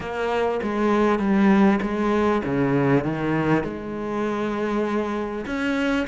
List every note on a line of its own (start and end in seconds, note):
0.00 0.60 A#3
0.63 1.19 G#3
1.19 1.79 G3
1.82 2.42 G#3
2.44 3.04 C#3
3.04 3.63 D#3
3.63 5.45 G#3
5.45 6.06 C#4